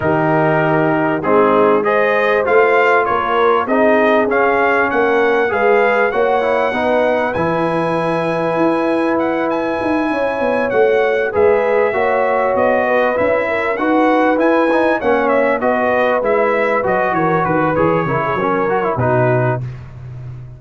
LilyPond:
<<
  \new Staff \with { instrumentName = "trumpet" } { \time 4/4 \tempo 4 = 98 ais'2 gis'4 dis''4 | f''4 cis''4 dis''4 f''4 | fis''4 f''4 fis''2 | gis''2. fis''8 gis''8~ |
gis''4. fis''4 e''4.~ | e''8 dis''4 e''4 fis''4 gis''8~ | gis''8 fis''8 e''8 dis''4 e''4 dis''8 | cis''8 b'8 cis''2 b'4 | }
  \new Staff \with { instrumentName = "horn" } { \time 4/4 g'2 dis'4 c''4~ | c''4 ais'4 gis'2 | ais'4 b'4 cis''4 b'4~ | b'1~ |
b'8 cis''2 b'4 cis''8~ | cis''4 b'4 ais'8 b'4.~ | b'8 cis''4 b'2~ b'8 | ais'8 b'4 ais'16 gis'16 ais'4 fis'4 | }
  \new Staff \with { instrumentName = "trombone" } { \time 4/4 dis'2 c'4 gis'4 | f'2 dis'4 cis'4~ | cis'4 gis'4 fis'8 e'8 dis'4 | e'1~ |
e'4. fis'4 gis'4 fis'8~ | fis'4. e'4 fis'4 e'8 | dis'8 cis'4 fis'4 e'4 fis'8~ | fis'4 gis'8 e'8 cis'8 fis'16 e'16 dis'4 | }
  \new Staff \with { instrumentName = "tuba" } { \time 4/4 dis2 gis2 | a4 ais4 c'4 cis'4 | ais4 gis4 ais4 b4 | e2 e'2 |
dis'8 cis'8 b8 a4 gis4 ais8~ | ais8 b4 cis'4 dis'4 e'8~ | e'8 ais4 b4 gis4 fis8 | e8 dis8 e8 cis8 fis4 b,4 | }
>>